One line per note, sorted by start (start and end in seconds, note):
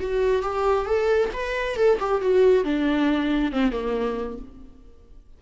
0.00 0.43 F#4
0.43 0.86 G4
0.86 1.30 A4
1.34 1.76 B4
1.76 1.98 A4
2.00 2.22 G4
2.22 2.64 F#4
2.64 3.52 D4
3.52 3.72 C4
3.72 4.38 A#3